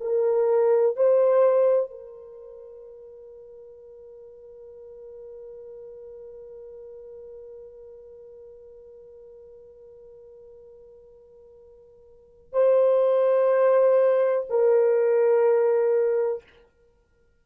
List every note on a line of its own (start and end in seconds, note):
0.00 0.96 A#4
0.96 1.90 C5
1.90 12.53 A#4
12.53 14.46 C5
14.49 16.43 A#4